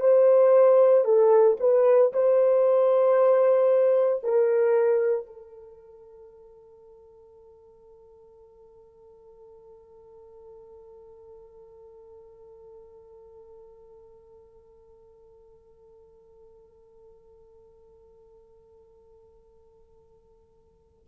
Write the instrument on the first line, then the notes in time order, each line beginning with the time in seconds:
horn
0.00 C5
1.04 A4
1.59 B4
2.12 C5
4.23 A#4
5.26 A4